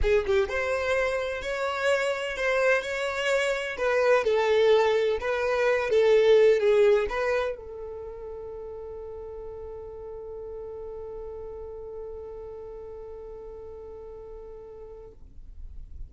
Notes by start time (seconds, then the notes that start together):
0.02 G#4
0.26 G4
0.49 C5
1.42 C#5
2.36 C5
2.82 C#5
3.77 B4
4.23 A4
5.20 B4
5.89 A4
6.59 G#4
7.09 B4
7.56 A4